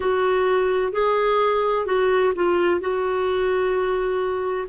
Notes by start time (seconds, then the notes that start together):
0.00 F#4
0.92 G#4
1.86 F#4
2.35 F4
2.80 F#4